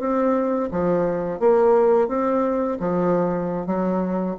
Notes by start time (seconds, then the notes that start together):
0.00 C4
0.71 F3
1.40 A#3
2.08 C4
2.80 F3
3.67 F#3